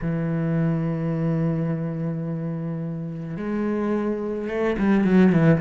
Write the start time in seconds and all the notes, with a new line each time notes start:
0.01 E3
3.36 G#3
4.48 A3
4.78 G3
5.04 F#3
5.32 E3